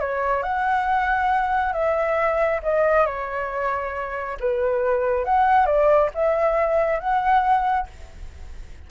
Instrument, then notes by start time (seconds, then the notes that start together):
flute
0.00 C#5
0.43 F#5
1.73 E5
2.63 D#5
3.06 C#5
4.40 B4
5.25 F#5
5.66 D5
6.15 E5
7.00 F#5